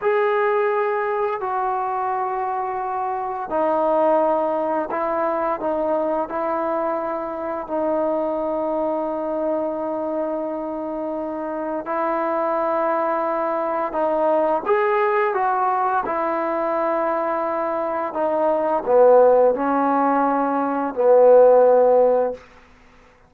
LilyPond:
\new Staff \with { instrumentName = "trombone" } { \time 4/4 \tempo 4 = 86 gis'2 fis'2~ | fis'4 dis'2 e'4 | dis'4 e'2 dis'4~ | dis'1~ |
dis'4 e'2. | dis'4 gis'4 fis'4 e'4~ | e'2 dis'4 b4 | cis'2 b2 | }